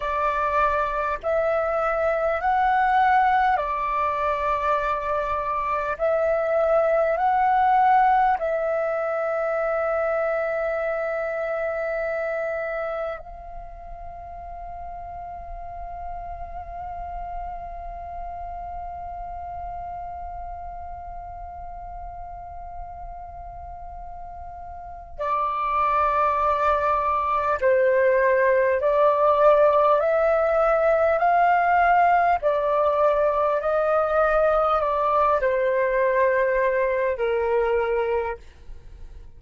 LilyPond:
\new Staff \with { instrumentName = "flute" } { \time 4/4 \tempo 4 = 50 d''4 e''4 fis''4 d''4~ | d''4 e''4 fis''4 e''4~ | e''2. f''4~ | f''1~ |
f''1~ | f''4 d''2 c''4 | d''4 e''4 f''4 d''4 | dis''4 d''8 c''4. ais'4 | }